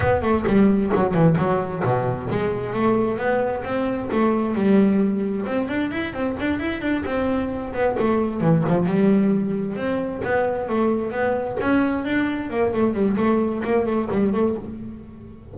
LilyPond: \new Staff \with { instrumentName = "double bass" } { \time 4/4 \tempo 4 = 132 b8 a8 g4 fis8 e8 fis4 | b,4 gis4 a4 b4 | c'4 a4 g2 | c'8 d'8 e'8 c'8 d'8 e'8 d'8 c'8~ |
c'4 b8 a4 e8 f8 g8~ | g4. c'4 b4 a8~ | a8 b4 cis'4 d'4 ais8 | a8 g8 a4 ais8 a8 g8 a8 | }